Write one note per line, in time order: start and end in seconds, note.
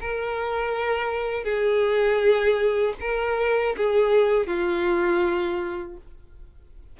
0.00 1.44 A#4
1.44 2.94 G#4
3.00 3.75 A#4
3.76 4.47 G#4
4.47 5.97 F4